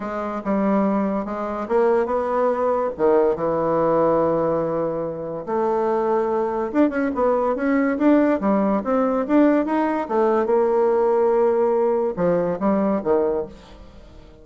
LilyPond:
\new Staff \with { instrumentName = "bassoon" } { \time 4/4 \tempo 4 = 143 gis4 g2 gis4 | ais4 b2 dis4 | e1~ | e4 a2. |
d'8 cis'8 b4 cis'4 d'4 | g4 c'4 d'4 dis'4 | a4 ais2.~ | ais4 f4 g4 dis4 | }